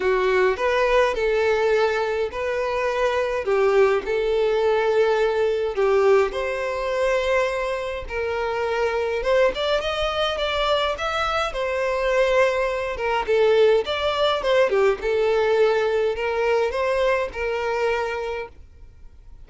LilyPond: \new Staff \with { instrumentName = "violin" } { \time 4/4 \tempo 4 = 104 fis'4 b'4 a'2 | b'2 g'4 a'4~ | a'2 g'4 c''4~ | c''2 ais'2 |
c''8 d''8 dis''4 d''4 e''4 | c''2~ c''8 ais'8 a'4 | d''4 c''8 g'8 a'2 | ais'4 c''4 ais'2 | }